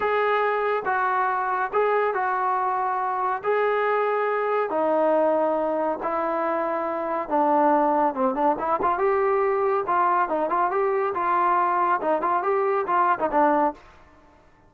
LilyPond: \new Staff \with { instrumentName = "trombone" } { \time 4/4 \tempo 4 = 140 gis'2 fis'2 | gis'4 fis'2. | gis'2. dis'4~ | dis'2 e'2~ |
e'4 d'2 c'8 d'8 | e'8 f'8 g'2 f'4 | dis'8 f'8 g'4 f'2 | dis'8 f'8 g'4 f'8. dis'16 d'4 | }